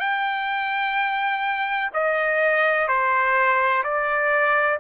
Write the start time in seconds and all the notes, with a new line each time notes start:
0.00 G5
1.94 D#5
2.88 C5
3.84 D5